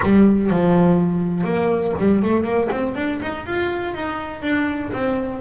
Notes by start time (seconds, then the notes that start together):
0.02 G3
0.49 F3
1.44 A#3
1.98 G3
2.22 A3
2.43 A#3
2.71 C4
2.95 D4
3.21 D#4
3.46 F4
3.94 D#4
4.42 D4
4.92 C4